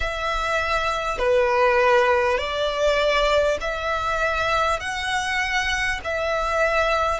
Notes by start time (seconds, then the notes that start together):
0.00 E5
1.18 B4
2.37 D5
3.61 E5
4.79 F#5
6.04 E5